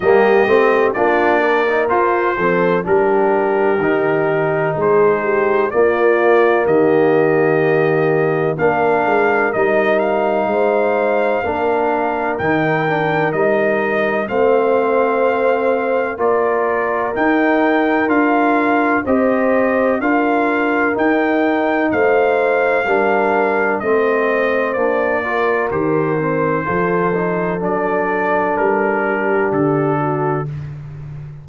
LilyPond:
<<
  \new Staff \with { instrumentName = "trumpet" } { \time 4/4 \tempo 4 = 63 dis''4 d''4 c''4 ais'4~ | ais'4 c''4 d''4 dis''4~ | dis''4 f''4 dis''8 f''4.~ | f''4 g''4 dis''4 f''4~ |
f''4 d''4 g''4 f''4 | dis''4 f''4 g''4 f''4~ | f''4 dis''4 d''4 c''4~ | c''4 d''4 ais'4 a'4 | }
  \new Staff \with { instrumentName = "horn" } { \time 4/4 g'4 f'8 ais'4 a'8 g'4~ | g'4 gis'8 g'8 f'4 g'4~ | g'4 ais'2 c''4 | ais'2. c''4~ |
c''4 ais'2. | c''4 ais'2 c''4 | ais'4 c''4. ais'4. | a'2~ a'8 g'4 fis'8 | }
  \new Staff \with { instrumentName = "trombone" } { \time 4/4 ais8 c'8 d'8. dis'16 f'8 c'8 d'4 | dis'2 ais2~ | ais4 d'4 dis'2 | d'4 dis'8 d'8 dis'4 c'4~ |
c'4 f'4 dis'4 f'4 | g'4 f'4 dis'2 | d'4 c'4 d'8 f'8 g'8 c'8 | f'8 dis'8 d'2. | }
  \new Staff \with { instrumentName = "tuba" } { \time 4/4 g8 a8 ais4 f'8 f8 g4 | dis4 gis4 ais4 dis4~ | dis4 ais8 gis8 g4 gis4 | ais4 dis4 g4 a4~ |
a4 ais4 dis'4 d'4 | c'4 d'4 dis'4 a4 | g4 a4 ais4 dis4 | f4 fis4 g4 d4 | }
>>